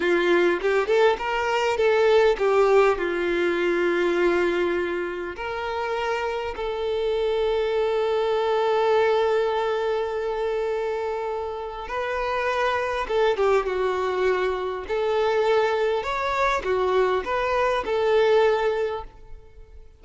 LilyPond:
\new Staff \with { instrumentName = "violin" } { \time 4/4 \tempo 4 = 101 f'4 g'8 a'8 ais'4 a'4 | g'4 f'2.~ | f'4 ais'2 a'4~ | a'1~ |
a'1 | b'2 a'8 g'8 fis'4~ | fis'4 a'2 cis''4 | fis'4 b'4 a'2 | }